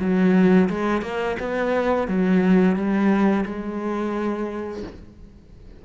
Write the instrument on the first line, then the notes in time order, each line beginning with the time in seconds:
cello
0.00 F#3
0.69 G#3
1.02 A#3
1.39 B3
2.08 F#3
2.76 G3
3.45 G#3